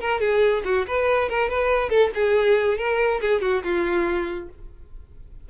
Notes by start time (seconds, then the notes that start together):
0.00 A#4
0.20 G#4
0.64 F#4
0.87 B4
1.29 A#4
1.49 B4
1.89 A4
2.14 G#4
2.77 A#4
3.21 G#4
3.41 F#4
3.63 F4